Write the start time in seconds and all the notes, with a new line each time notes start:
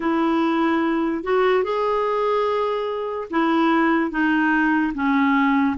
0.00 E4
1.23 F#4
1.63 G#4
3.30 E4
4.10 D#4
4.94 C#4